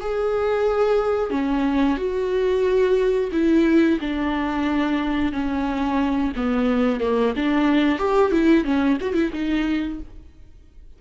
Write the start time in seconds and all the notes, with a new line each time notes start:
0.00 G#4
1.30 C#4
1.97 F#4
3.32 E4
4.00 D4
5.32 C#4
6.36 B3
7.00 A#3
7.36 D4
7.98 G4
8.31 E4
8.64 C#4
9.01 F#4
9.14 E4
9.32 D#4